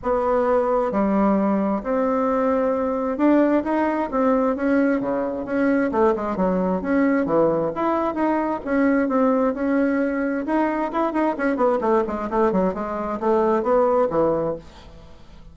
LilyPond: \new Staff \with { instrumentName = "bassoon" } { \time 4/4 \tempo 4 = 132 b2 g2 | c'2. d'4 | dis'4 c'4 cis'4 cis4 | cis'4 a8 gis8 fis4 cis'4 |
e4 e'4 dis'4 cis'4 | c'4 cis'2 dis'4 | e'8 dis'8 cis'8 b8 a8 gis8 a8 fis8 | gis4 a4 b4 e4 | }